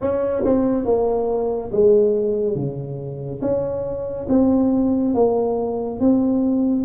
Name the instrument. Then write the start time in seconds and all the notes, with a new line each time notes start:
tuba
0.01 C#4
0.44 C4
0.85 A#3
1.72 G#3
2.55 C#3
3.41 C#4
4.28 C4
5.14 A#3
6.00 C4